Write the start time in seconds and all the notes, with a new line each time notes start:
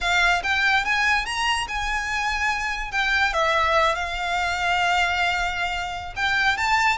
0.00 F5
0.43 G5
0.84 G#5
1.25 A#5
1.67 G#5
2.91 G5
3.33 E5
3.95 F5
6.16 G5
6.57 A5